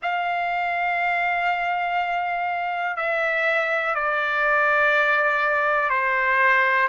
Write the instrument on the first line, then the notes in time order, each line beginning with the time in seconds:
trumpet
0.02 F5
2.96 E5
3.94 D5
5.89 C5